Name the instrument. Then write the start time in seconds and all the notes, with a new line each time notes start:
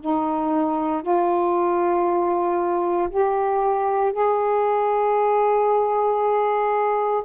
saxophone
0.00 D#4
1.02 F4
3.09 G4
4.12 G#4